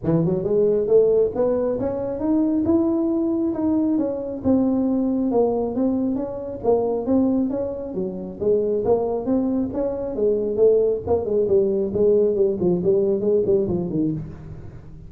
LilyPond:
\new Staff \with { instrumentName = "tuba" } { \time 4/4 \tempo 4 = 136 e8 fis8 gis4 a4 b4 | cis'4 dis'4 e'2 | dis'4 cis'4 c'2 | ais4 c'4 cis'4 ais4 |
c'4 cis'4 fis4 gis4 | ais4 c'4 cis'4 gis4 | a4 ais8 gis8 g4 gis4 | g8 f8 g4 gis8 g8 f8 dis8 | }